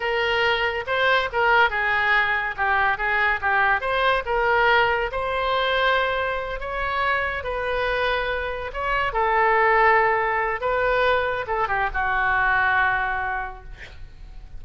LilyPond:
\new Staff \with { instrumentName = "oboe" } { \time 4/4 \tempo 4 = 141 ais'2 c''4 ais'4 | gis'2 g'4 gis'4 | g'4 c''4 ais'2 | c''2.~ c''8 cis''8~ |
cis''4. b'2~ b'8~ | b'8 cis''4 a'2~ a'8~ | a'4 b'2 a'8 g'8 | fis'1 | }